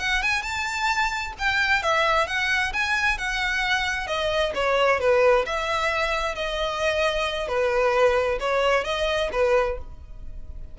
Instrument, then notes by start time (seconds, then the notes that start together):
violin
0.00 F#5
0.23 G#5
0.43 A5
1.39 G5
1.83 E5
2.28 F#5
2.73 G#5
3.19 F#5
4.08 D#5
4.55 C#5
5.00 B4
5.46 E5
6.36 D#5
7.48 B4
8.40 C#5
8.85 D#5
9.33 B4